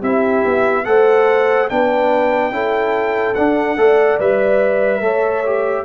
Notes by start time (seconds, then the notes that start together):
0.00 C4 E4 G4 E5
0.45 B3
0.85 A3 A4 C5 F#5
1.70 B3 D4 B4 G5
2.51 C#4 E4 A4
3.35 D4 F#5
3.77 A3 A4 D5
4.20 G3 B4 E5
5.01 A3 A4 C#5
5.46 G4